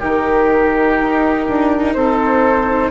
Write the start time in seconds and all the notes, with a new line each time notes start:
0.00 D#3 D#4 G4 A#4
0.99 D#4
1.48 D4
1.94 C4 A4 C5